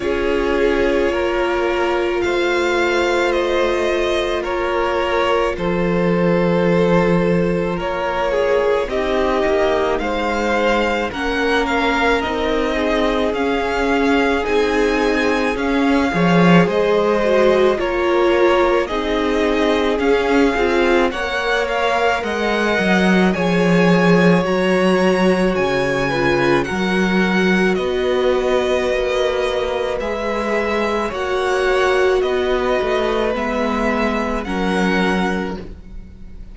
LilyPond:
<<
  \new Staff \with { instrumentName = "violin" } { \time 4/4 \tempo 4 = 54 cis''2 f''4 dis''4 | cis''4 c''2 cis''4 | dis''4 f''4 fis''8 f''8 dis''4 | f''4 gis''4 f''4 dis''4 |
cis''4 dis''4 f''4 fis''8 f''8 | fis''4 gis''4 ais''4 gis''4 | fis''4 dis''2 e''4 | fis''4 dis''4 e''4 fis''4 | }
  \new Staff \with { instrumentName = "violin" } { \time 4/4 gis'4 ais'4 c''2 | ais'4 a'2 ais'8 gis'8 | g'4 c''4 ais'4. gis'8~ | gis'2~ gis'8 cis''8 c''4 |
ais'4 gis'2 cis''4 | dis''4 cis''2~ cis''8 b'8 | ais'4 b'2. | cis''4 b'2 ais'4 | }
  \new Staff \with { instrumentName = "viola" } { \time 4/4 f'1~ | f'1 | dis'2 cis'4 dis'4 | cis'4 dis'4 cis'8 gis'4 fis'8 |
f'4 dis'4 cis'8 f'8 ais'4~ | ais'4 gis'4 fis'4. f'8 | fis'2. gis'4 | fis'2 b4 cis'4 | }
  \new Staff \with { instrumentName = "cello" } { \time 4/4 cis'4 ais4 a2 | ais4 f2 ais4 | c'8 ais8 gis4 ais4 c'4 | cis'4 c'4 cis'8 f8 gis4 |
ais4 c'4 cis'8 c'8 ais4 | gis8 fis8 f4 fis4 cis4 | fis4 b4 ais4 gis4 | ais4 b8 a8 gis4 fis4 | }
>>